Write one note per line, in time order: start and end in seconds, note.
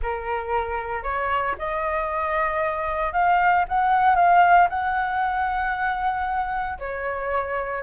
0.02 1.03 A#4
1.03 1.55 C#5
1.58 3.13 D#5
3.13 3.65 F5
3.68 4.15 F#5
4.15 4.67 F5
4.69 6.78 F#5
6.78 7.82 C#5